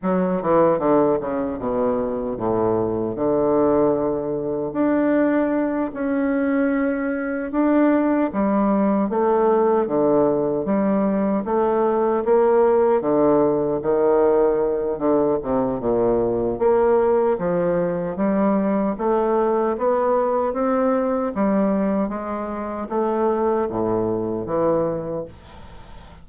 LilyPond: \new Staff \with { instrumentName = "bassoon" } { \time 4/4 \tempo 4 = 76 fis8 e8 d8 cis8 b,4 a,4 | d2 d'4. cis'8~ | cis'4. d'4 g4 a8~ | a8 d4 g4 a4 ais8~ |
ais8 d4 dis4. d8 c8 | ais,4 ais4 f4 g4 | a4 b4 c'4 g4 | gis4 a4 a,4 e4 | }